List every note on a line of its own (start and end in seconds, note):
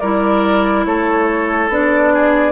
0.00 0.86 G3
0.00 1.71 E4
0.00 0.86 A#4
0.00 0.85 D5
0.86 1.69 A3
0.86 2.14 A4
0.86 1.70 C#5
1.69 2.52 B3
1.69 2.52 D4
1.69 2.52 D5
2.14 2.52 G#4